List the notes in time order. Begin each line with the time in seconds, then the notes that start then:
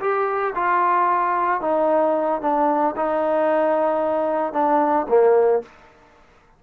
0.00 G4
0.55 F4
1.61 D#4
2.42 D4
2.96 D#4
4.53 D4
5.09 A#3